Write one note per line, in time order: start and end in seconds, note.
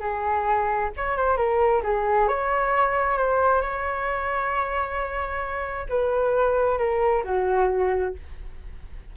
0.00 0.90 G#4
0.97 1.17 C#5
1.17 1.37 C5
1.37 1.82 A#4
1.83 2.28 G#4
2.28 3.18 C#5
3.18 3.61 C5
3.61 5.87 C#5
5.89 6.78 B4
6.78 7.23 A#4
7.24 8.14 F#4